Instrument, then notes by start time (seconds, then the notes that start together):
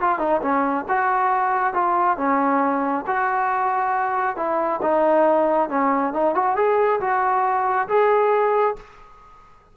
trombone
0.00 F4
0.19 D#4
0.41 C#4
0.88 F#4
1.73 F4
2.17 C#4
3.07 F#4
4.36 E4
4.82 D#4
5.69 C#4
6.13 D#4
6.34 F#4
6.56 G#4
7.00 F#4
7.88 G#4